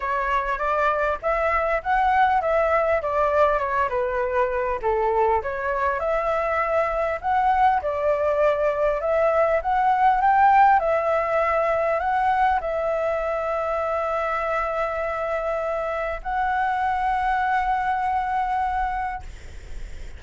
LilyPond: \new Staff \with { instrumentName = "flute" } { \time 4/4 \tempo 4 = 100 cis''4 d''4 e''4 fis''4 | e''4 d''4 cis''8 b'4. | a'4 cis''4 e''2 | fis''4 d''2 e''4 |
fis''4 g''4 e''2 | fis''4 e''2.~ | e''2. fis''4~ | fis''1 | }